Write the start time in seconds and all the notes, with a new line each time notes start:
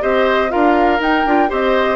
0.00 C4 G4 C5 D#5
0.49 D4 F4 A#4 F5
0.99 D#4 G5
1.25 D4 F4
1.48 C4 G4 C5 D#5